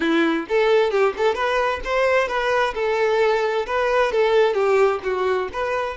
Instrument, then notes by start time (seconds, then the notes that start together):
violin
0.00 E4
0.48 A4
0.90 G4
1.17 A4
1.34 B4
1.84 C5
2.28 B4
2.74 A4
3.66 B4
4.12 A4
4.54 G4
5.03 F#4
5.53 B4